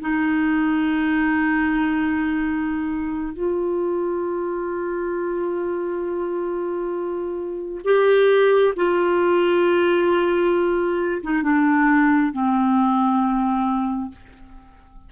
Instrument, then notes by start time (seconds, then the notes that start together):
clarinet
0.00 D#4
3.33 F4
7.84 G4
8.76 F4
11.23 D#4
11.43 D4
12.32 C4